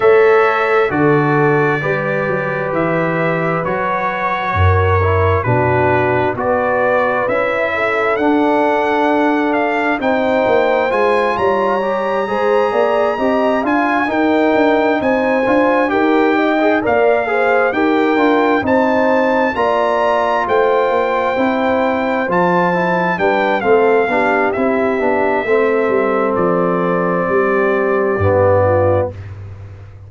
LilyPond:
<<
  \new Staff \with { instrumentName = "trumpet" } { \time 4/4 \tempo 4 = 66 e''4 d''2 e''4 | cis''2 b'4 d''4 | e''4 fis''4. f''8 g''4 | gis''8 ais''2~ ais''8 gis''8 g''8~ |
g''8 gis''4 g''4 f''4 g''8~ | g''8 a''4 ais''4 g''4.~ | g''8 a''4 g''8 f''4 e''4~ | e''4 d''2. | }
  \new Staff \with { instrumentName = "horn" } { \time 4/4 cis''4 a'4 b'2~ | b'4 ais'4 fis'4 b'4~ | b'8 a'2~ a'8 c''4~ | c''8 cis''4 c''8 d''8 dis''8 f''8 ais'8~ |
ais'8 c''4 ais'8 dis''8 d''8 c''8 ais'8~ | ais'8 c''4 d''4 c''4.~ | c''4. b'8 a'8 g'4. | a'2 g'4. f'8 | }
  \new Staff \with { instrumentName = "trombone" } { \time 4/4 a'4 fis'4 g'2 | fis'4. e'8 d'4 fis'4 | e'4 d'2 dis'4 | f'4 g'8 gis'4 g'8 f'8 dis'8~ |
dis'4 f'8 g'8. gis'16 ais'8 gis'8 g'8 | f'8 dis'4 f'2 e'8~ | e'8 f'8 e'8 d'8 c'8 d'8 e'8 d'8 | c'2. b4 | }
  \new Staff \with { instrumentName = "tuba" } { \time 4/4 a4 d4 g8 fis8 e4 | fis4 fis,4 b,4 b4 | cis'4 d'2 c'8 ais8 | gis8 g4 gis8 ais8 c'8 d'8 dis'8 |
d'8 c'8 d'8 dis'4 ais4 dis'8 | d'8 c'4 ais4 a8 ais8 c'8~ | c'8 f4 g8 a8 b8 c'8 b8 | a8 g8 f4 g4 g,4 | }
>>